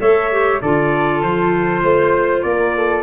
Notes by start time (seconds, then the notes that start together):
0.00 A3 A4 C#5 E5
0.31 G4
0.61 D3 F4 A4 D5
1.22 F3 C5
1.83 A3 C5
2.43 A#3 A#4 D5
2.76 A4